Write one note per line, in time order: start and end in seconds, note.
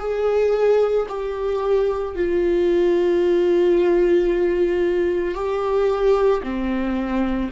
0.00 1.07 G#4
1.09 2.16 G4
2.16 5.35 F4
5.35 6.42 G4
6.43 7.50 C4